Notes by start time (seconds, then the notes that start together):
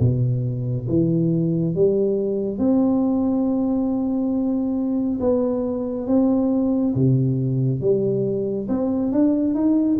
0.00 B2
0.89 E3
1.75 G3
2.58 C4
5.20 B3
6.08 C4
6.95 C3
7.81 G3
8.68 C4
9.12 D4
9.55 D#4